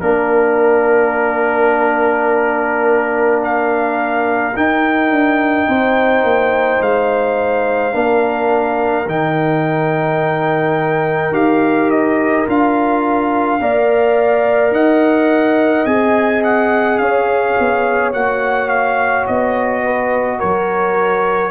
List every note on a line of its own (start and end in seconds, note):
0.00 4.54 A#3
0.00 4.53 D4
0.00 3.40 A#4
0.00 5.68 A#4
3.43 4.56 F5
4.55 7.91 D#4
4.55 5.10 D#4
4.55 6.82 G5
5.10 5.67 D4
5.68 6.23 C4
5.68 7.94 C5
6.23 6.79 A#3
6.80 7.93 G#3
6.80 9.08 F5
7.91 9.06 A#3
7.91 9.04 D4
7.91 13.60 A#4
9.06 11.31 D#3
9.06 11.32 D#4
9.06 11.34 G5
11.31 12.45 D#4
11.31 12.46 G4
11.31 11.90 F5
11.90 12.46 D#5
12.46 13.60 D4
12.46 13.59 F4
12.46 14.73 F5
13.60 14.71 A#3
13.60 15.86 A#4
13.60 14.73 D5
14.71 15.84 D#4
14.71 17.00 D#5
14.71 15.85 F#5
15.85 16.98 C4
15.85 18.12 G#4
15.85 16.42 G#5
16.43 16.97 F#5
16.97 17.55 C#4
16.97 19.83 C#5
16.97 18.11 F5
17.58 18.13 B3
18.12 19.26 A#3
18.12 21.50 F#4
18.12 18.68 F#5
18.68 19.25 F5
19.26 20.42 B3
19.26 20.39 D#5
19.83 20.38 B4
20.38 21.50 F#3
20.38 21.50 A#4
20.38 21.50 C#5